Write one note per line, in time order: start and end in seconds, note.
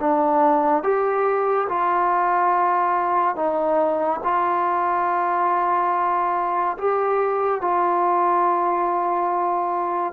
0.00 0.83 D4
0.83 1.68 G4
1.69 3.36 F4
3.36 4.20 D#4
4.24 6.77 F4
6.78 7.61 G4
7.61 10.13 F4